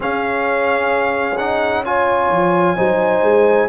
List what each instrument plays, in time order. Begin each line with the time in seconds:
0.00 trombone C#4, tuba C#4, horn G#4, trumpet F5
1.37 trombone D#4, trumpet F#5
1.85 trombone F4, horn C#5, trumpet G#5
2.29 tuba F3
2.76 tuba F#3, trombone D#4, horn C5
3.21 tuba G#3